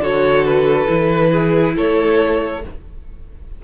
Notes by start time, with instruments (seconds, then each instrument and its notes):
0.00 cello D3, viola F#4, violin A4 C#5
0.45 violin B4
0.87 cello E3, viola E4
1.31 violin G#4
1.75 cello A3, violin A4 C#5